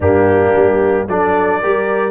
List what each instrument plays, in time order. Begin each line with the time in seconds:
0.00 tuba G2, trombone A#3, horn D4, trumpet G4
0.55 tuba G3
1.07 tuba F#3, trombone D4, horn A4, trumpet D5
1.60 tuba G3, trombone G4, horn A#4